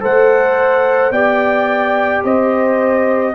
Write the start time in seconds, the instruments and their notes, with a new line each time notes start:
0.00 tuba A3, trombone A4, horn C5, trumpet F#5
1.11 tuba B3, trombone G4, horn D5, trumpet G5
2.24 tuba C4, horn C5, trumpet D#5